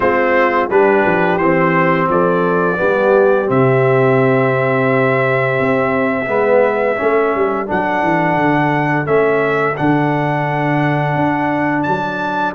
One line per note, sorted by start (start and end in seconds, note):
0.00 0.67 G#3
0.00 0.70 C4
0.00 0.70 F4
0.00 0.69 C5
0.69 1.04 G3
0.69 1.40 D4
0.69 2.09 G4
0.69 1.37 B4
1.05 1.38 F3
1.37 2.08 E3
1.37 2.76 C4
1.37 2.07 C5
2.09 2.79 F3
2.09 2.79 A4
2.09 3.50 D5
2.76 3.46 B3
2.76 6.28 G4
2.82 3.50 G3
3.46 5.59 C3
3.46 6.25 C4
3.46 7.68 E5
5.60 6.27 C4
6.26 6.97 G#3
6.26 6.95 B3
6.26 6.98 B4
6.96 7.35 A3
6.96 7.66 C#4
6.96 12.55 A4
7.35 7.70 G3
7.66 8.02 F#3
7.66 9.05 D4
7.66 9.06 F#5
8.02 8.36 E3
8.36 9.06 D3
9.05 9.76 A3
9.05 9.74 C#4
9.05 9.76 E5
9.77 11.15 D3
9.77 12.55 D4
9.77 11.83 F#5
11.15 11.85 D4
11.83 12.55 F#3
11.83 12.52 A5